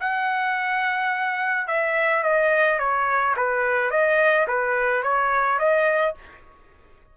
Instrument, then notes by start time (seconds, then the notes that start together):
trumpet
0.00 F#5
1.67 E5
2.23 D#5
2.79 C#5
3.36 B4
3.90 D#5
4.47 B4
5.03 C#5
5.59 D#5